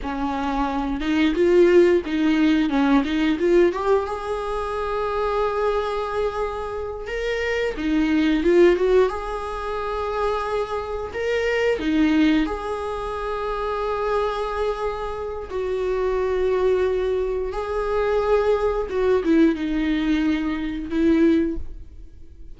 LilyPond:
\new Staff \with { instrumentName = "viola" } { \time 4/4 \tempo 4 = 89 cis'4. dis'8 f'4 dis'4 | cis'8 dis'8 f'8 g'8 gis'2~ | gis'2~ gis'8 ais'4 dis'8~ | dis'8 f'8 fis'8 gis'2~ gis'8~ |
gis'8 ais'4 dis'4 gis'4.~ | gis'2. fis'4~ | fis'2 gis'2 | fis'8 e'8 dis'2 e'4 | }